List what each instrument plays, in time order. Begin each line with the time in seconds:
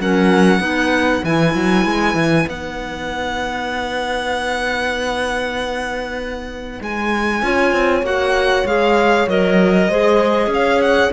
0.00 cello F#3, clarinet C#4, horn A#4, violin F#5
0.60 cello B3, clarinet D#4, horn B4
1.24 cello E3, clarinet E4, violin G#5
1.55 cello F#3
1.85 cello G#3
2.14 cello E3
2.48 cello B3, clarinet D#4, violin F#5
6.81 cello G#3, violin G#5
7.42 cello C#4, clarinet F4, horn C#5
7.72 cello C4
8.03 cello A#3, clarinet F#4, violin F#5
8.65 cello G#3, clarinet G#4, violin F5
9.28 cello F#3, clarinet A#4, violin D#5
9.89 cello G#3, clarinet G#4, horn C5
10.47 cello C#4
10.53 horn C#5, violin F5
10.82 violin F#5